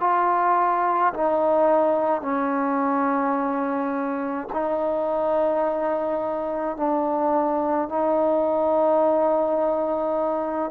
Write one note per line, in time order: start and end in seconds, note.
0.00 1.13 F4
1.13 2.21 D#4
2.21 4.48 C#4
4.53 6.77 D#4
6.77 7.88 D4
7.88 10.70 D#4